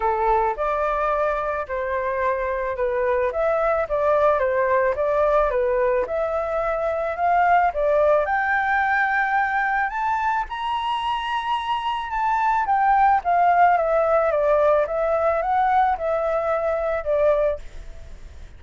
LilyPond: \new Staff \with { instrumentName = "flute" } { \time 4/4 \tempo 4 = 109 a'4 d''2 c''4~ | c''4 b'4 e''4 d''4 | c''4 d''4 b'4 e''4~ | e''4 f''4 d''4 g''4~ |
g''2 a''4 ais''4~ | ais''2 a''4 g''4 | f''4 e''4 d''4 e''4 | fis''4 e''2 d''4 | }